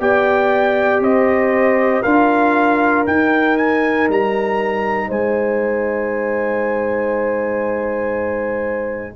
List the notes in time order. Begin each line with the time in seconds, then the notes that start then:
0.00 B3 G4 D5 G5
1.00 C4 C5 D#5
2.02 D4 F4 A#4 F5
3.07 D#4 G5
3.57 G#5
4.09 G3 A#5
5.08 G#3 C5 G#5